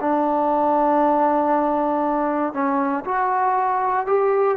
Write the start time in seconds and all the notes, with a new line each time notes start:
0.00 D4
2.53 C#4
3.04 F#4
4.06 G4